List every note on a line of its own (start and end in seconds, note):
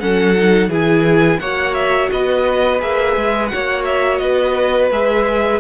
0.00 0.68 F#3
0.00 0.36 C#4
0.00 0.70 A4
0.00 0.70 F#5
0.36 0.71 D#4
0.68 1.38 E3
0.68 1.42 E4
0.68 1.40 G#4
0.68 1.40 G#5
1.40 2.10 A#3
1.40 2.80 F#4
1.40 2.11 C#5
1.40 1.74 F#5
1.74 2.09 E5
2.12 2.82 B3
2.12 3.53 B4
2.12 2.82 D#5
2.80 3.17 A#3
2.80 3.50 G#4
2.80 3.48 E5
3.17 3.51 G#3
3.48 4.90 F#4
3.48 4.23 C#5
3.48 3.83 F#5
3.55 4.21 A#3
3.85 4.18 E5
4.18 4.91 B3
4.18 5.60 B4
4.18 4.88 D#5
4.91 5.60 G#3
4.91 5.60 G#4
4.91 5.60 E5